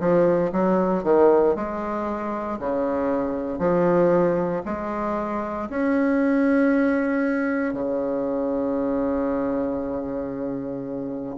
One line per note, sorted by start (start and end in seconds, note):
0.00 0.52 F3
0.52 1.04 F#3
1.04 1.56 D#3
1.56 2.59 G#3
2.60 3.59 C#3
3.59 4.63 F3
4.66 5.69 G#3
5.70 7.74 C#4
7.74 11.36 C#3